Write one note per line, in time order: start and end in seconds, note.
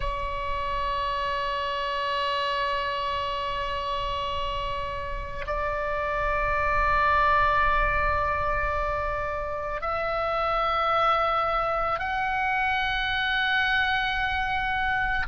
0.00 5.45 C#5
5.46 9.81 D5
9.81 11.99 E5
11.99 15.26 F#5